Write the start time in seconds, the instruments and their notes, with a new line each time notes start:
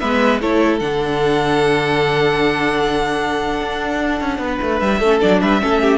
0.00 cello G#3, viola B3, violin B4 E5
0.41 cello A3, viola E4, violin A4 C#5
0.80 cello D3, viola D4, violin F#5
3.61 cello D4
4.21 cello C#4
4.38 cello B3
4.45 violin B4
4.62 cello A3
4.80 cello G3, violin E5
5.00 cello A3, viola C#4, violin A4
5.21 cello F#3, viola D4, violin D5
5.41 cello G3, violin B4 E5
5.61 cello A3, viola C#4, violin A4
5.82 violin G4